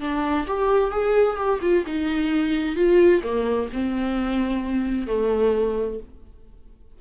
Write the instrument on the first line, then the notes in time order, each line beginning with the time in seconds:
viola
0.00 D4
0.47 G4
0.91 G#4
1.36 G4
1.61 F4
1.86 D#4
2.76 F4
3.23 A#3
3.73 C4
5.07 A3